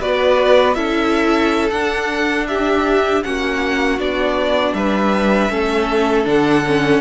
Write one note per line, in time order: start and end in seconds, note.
0.00 0.76 B3
0.00 0.75 F#4
0.00 0.76 B4
0.00 0.74 D5
0.74 1.71 C#4
0.74 1.70 E4
0.74 2.47 A4
0.74 1.69 E5
1.70 3.23 D4
1.70 3.24 D4
1.70 2.46 F#5
2.47 3.25 G4
2.47 3.23 E5
3.23 3.99 A#3
3.23 3.99 C#4
3.23 4.77 F#4
3.23 3.99 F#5
3.99 4.73 B3
3.99 5.50 D4
3.99 4.74 D5
4.73 5.49 G3
4.73 5.51 B4
4.73 6.26 E5
5.50 6.25 A3
5.50 6.25 C#4
5.50 7.01 A4
6.25 7.01 D3
6.25 6.63 D4
6.25 7.01 F#5
6.66 7.01 C#4